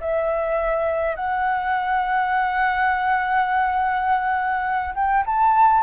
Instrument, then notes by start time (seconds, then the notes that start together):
flute
0.00 E5
1.15 F#5
4.94 G5
5.26 A5